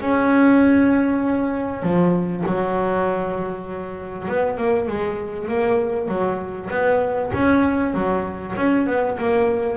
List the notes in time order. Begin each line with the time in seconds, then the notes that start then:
0.00 C#4
1.82 F3
2.46 F#3
4.28 B3
4.57 A#3
4.88 G#3
5.48 A#3
6.08 F#3
6.70 B3
7.33 C#4
7.94 F#3
8.56 C#4
8.86 B3
9.18 A#3